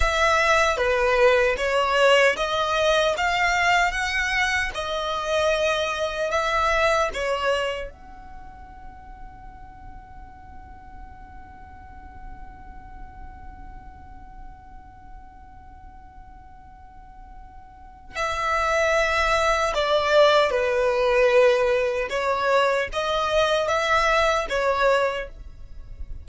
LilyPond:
\new Staff \with { instrumentName = "violin" } { \time 4/4 \tempo 4 = 76 e''4 b'4 cis''4 dis''4 | f''4 fis''4 dis''2 | e''4 cis''4 fis''2~ | fis''1~ |
fis''1~ | fis''2. e''4~ | e''4 d''4 b'2 | cis''4 dis''4 e''4 cis''4 | }